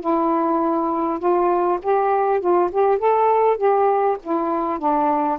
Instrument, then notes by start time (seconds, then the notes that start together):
saxophone
0.00 E4
1.19 F4
1.82 G4
2.40 F4
2.71 G4
2.98 A4
3.57 G4
4.23 E4
4.78 D4